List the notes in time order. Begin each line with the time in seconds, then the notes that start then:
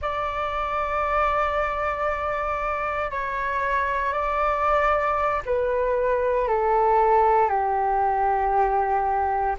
0.01 D5
3.10 C#5
4.12 D5
5.45 B4
6.47 A4
7.48 G4